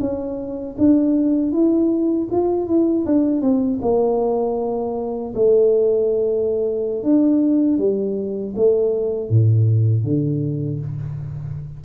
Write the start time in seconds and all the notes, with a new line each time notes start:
0.00 C#4
0.78 D4
1.52 E4
2.31 F4
2.67 E4
3.06 D4
3.41 C4
3.82 A#3
5.35 A3
7.04 D4
7.78 G3
8.56 A3
9.30 A2
10.04 D3